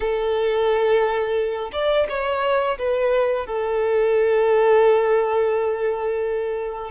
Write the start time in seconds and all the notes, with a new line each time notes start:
0.00 A4
1.72 D5
2.09 C#5
2.78 B4
3.46 A4